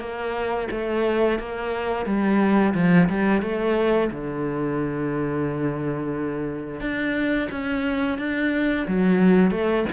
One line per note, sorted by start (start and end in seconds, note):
0.00 0.68 A#3
0.71 1.39 A3
1.39 2.06 A#3
2.06 2.74 G3
2.75 3.09 F3
3.09 3.42 G3
3.42 4.10 A3
4.12 6.81 D3
6.81 7.49 D4
7.51 8.18 C#4
8.18 8.87 D4
8.88 9.51 F#3
9.51 9.86 A3